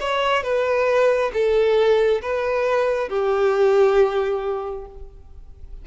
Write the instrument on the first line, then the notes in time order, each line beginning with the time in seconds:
violin
0.00 C#5
0.43 B4
1.33 A4
2.22 B4
3.09 G4